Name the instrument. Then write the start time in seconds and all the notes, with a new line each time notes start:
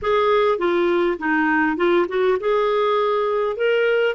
clarinet
0.02 G#4
0.58 F4
1.19 D#4
1.77 F4
2.08 F#4
2.40 G#4
3.56 A#4